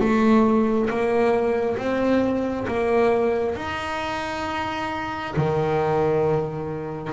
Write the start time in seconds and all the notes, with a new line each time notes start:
0.00 A3
0.90 A#3
1.77 C4
2.68 A#3
3.56 D#4
5.37 D#3